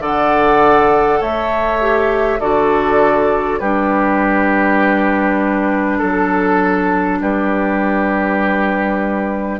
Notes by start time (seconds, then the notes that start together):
0.00 D3 A4 D5 F#5
1.20 A3 C#5 E5
1.81 G4
2.40 D3 F#4 A4 D5
3.60 G3 D4 G4 B4
5.98 F#3 A4
7.21 G3 G4 B4